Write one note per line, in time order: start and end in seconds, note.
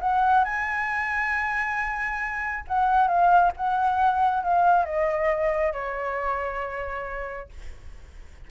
0.00 0.44 F#5
0.44 2.65 G#5
2.67 3.07 F#5
3.07 3.51 F5
3.56 4.43 F#5
4.43 4.85 F5
4.85 5.73 D#5
5.73 7.49 C#5